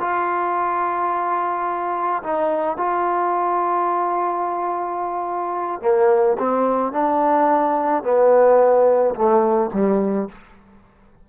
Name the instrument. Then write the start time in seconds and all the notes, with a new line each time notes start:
trombone
0.00 F4
2.23 D#4
2.77 F4
5.81 A#3
6.38 C4
6.92 D4
8.03 B3
9.15 A3
9.73 G3